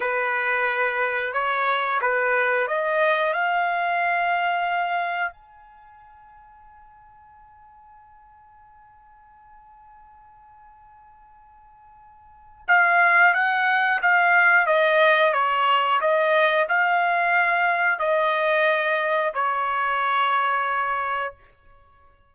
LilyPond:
\new Staff \with { instrumentName = "trumpet" } { \time 4/4 \tempo 4 = 90 b'2 cis''4 b'4 | dis''4 f''2. | gis''1~ | gis''1~ |
gis''2. f''4 | fis''4 f''4 dis''4 cis''4 | dis''4 f''2 dis''4~ | dis''4 cis''2. | }